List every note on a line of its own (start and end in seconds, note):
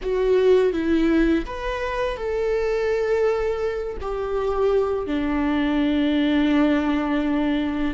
0.02 0.73 F#4
0.73 1.45 E4
1.45 2.16 B4
2.16 3.97 A4
4.01 5.06 G4
5.06 7.94 D4